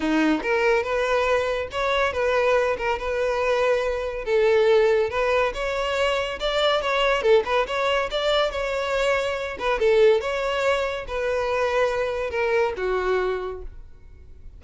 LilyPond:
\new Staff \with { instrumentName = "violin" } { \time 4/4 \tempo 4 = 141 dis'4 ais'4 b'2 | cis''4 b'4. ais'8 b'4~ | b'2 a'2 | b'4 cis''2 d''4 |
cis''4 a'8 b'8 cis''4 d''4 | cis''2~ cis''8 b'8 a'4 | cis''2 b'2~ | b'4 ais'4 fis'2 | }